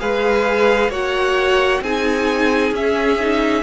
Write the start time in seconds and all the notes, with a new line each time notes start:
0.00 G#3 G#4 B4 F5
0.89 A#3 F#4 C#5 F#5
1.81 C4 D#4 G#4 G#5
2.72 C#4 E5
3.20 D#4